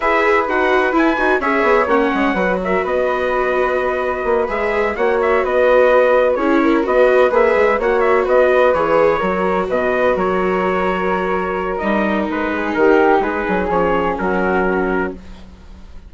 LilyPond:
<<
  \new Staff \with { instrumentName = "trumpet" } { \time 4/4 \tempo 4 = 127 e''4 fis''4 gis''4 e''4 | fis''4. e''8 dis''2~ | dis''4. e''4 fis''8 e''8 dis''8~ | dis''4. cis''4 dis''4 e''8~ |
e''8 fis''8 e''8 dis''4 cis''4.~ | cis''8 dis''4 cis''2~ cis''8~ | cis''4 dis''4 b'4 ais'4 | b'4 cis''4 ais'2 | }
  \new Staff \with { instrumentName = "flute" } { \time 4/4 b'2. cis''4~ | cis''4 b'8 ais'8 b'2~ | b'2~ b'8 cis''4 b'8~ | b'4. gis'8 ais'8 b'4.~ |
b'8 cis''4 b'2 ais'8~ | ais'8 b'4 ais'2~ ais'8~ | ais'2~ ais'8 gis'8 g'4 | gis'2 fis'2 | }
  \new Staff \with { instrumentName = "viola" } { \time 4/4 gis'4 fis'4 e'8 fis'8 gis'4 | cis'4 fis'2.~ | fis'4. gis'4 fis'4.~ | fis'4. e'4 fis'4 gis'8~ |
gis'8 fis'2 gis'4 fis'8~ | fis'1~ | fis'4 dis'2.~ | dis'4 cis'2. | }
  \new Staff \with { instrumentName = "bassoon" } { \time 4/4 e'4 dis'4 e'8 dis'8 cis'8 b8 | ais8 gis8 fis4 b2~ | b4 ais8 gis4 ais4 b8~ | b4. cis'4 b4 ais8 |
gis8 ais4 b4 e4 fis8~ | fis8 b,4 fis2~ fis8~ | fis4 g4 gis4 dis4 | gis8 fis8 f4 fis2 | }
>>